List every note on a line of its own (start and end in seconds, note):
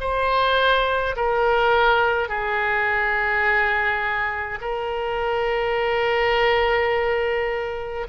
0.00 1.15 C5
1.16 2.28 A#4
2.28 4.59 G#4
4.60 8.07 A#4